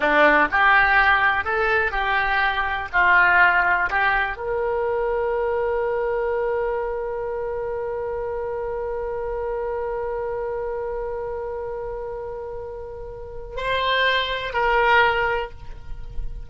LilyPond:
\new Staff \with { instrumentName = "oboe" } { \time 4/4 \tempo 4 = 124 d'4 g'2 a'4 | g'2 f'2 | g'4 ais'2.~ | ais'1~ |
ais'1~ | ais'1~ | ais'1 | c''2 ais'2 | }